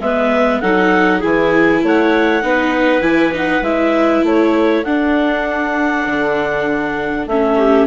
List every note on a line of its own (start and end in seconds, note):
0.00 0.61 G#3
0.00 0.63 B3
0.00 0.62 B4
0.00 0.60 E5
0.60 1.23 F#3
0.60 1.22 D#4
0.60 1.19 A4
0.60 1.21 F#5
1.19 1.83 E3
1.19 2.43 E4
1.19 1.79 G#4
1.19 1.83 G#5
1.83 2.43 A3
1.83 2.45 C#5
1.83 3.02 F#5
2.43 3.01 B3
2.43 3.02 D#4
2.43 4.26 B4
3.01 3.61 E3
3.01 3.32 E4
3.01 3.33 G#5
3.33 3.63 D#4
3.33 3.64 F#5
3.62 4.22 G#3
3.62 4.85 E4
3.62 4.24 E5
4.23 4.84 A3
4.23 7.57 A4
4.23 4.84 C#5
4.84 6.07 D4
4.84 7.29 D4
4.84 7.27 F#5
6.07 7.27 D3
7.27 7.87 A3
7.27 7.87 C#4
7.27 7.87 E5
7.57 7.87 G4